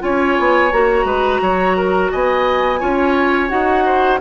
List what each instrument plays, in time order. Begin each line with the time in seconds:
0.00 bassoon C#4, clarinet F4, oboe C#5, flute G#5
0.39 bassoon B3
0.72 bassoon A#3, clarinet F#4, flute A#5
1.04 bassoon G#3, oboe B4
1.41 bassoon F#3, oboe C#5
1.77 oboe A#4
2.12 bassoon B3, oboe D#5, flute G#5
2.80 bassoon C#4, clarinet F4, oboe C#5
3.49 bassoon D#4, clarinet F#4, flute F#5
3.85 oboe C5